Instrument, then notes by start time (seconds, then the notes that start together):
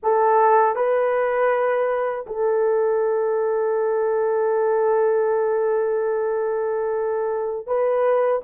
horn
0.02 A4
0.75 B4
2.26 A4
7.66 B4